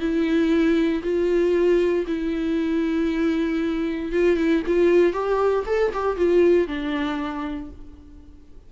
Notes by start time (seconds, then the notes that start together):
0.00 E4
1.03 F4
2.07 E4
4.13 F4
4.37 E4
4.67 F4
5.13 G4
5.67 A4
5.93 G4
6.17 F4
6.68 D4